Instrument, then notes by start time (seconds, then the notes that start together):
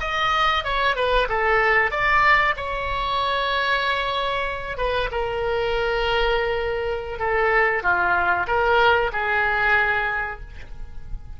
oboe
0.00 D#5
0.64 C#5
0.95 B4
1.29 A4
1.90 D5
2.56 C#5
4.77 B4
5.11 A#4
7.19 A4
7.82 F4
8.47 A#4
9.12 G#4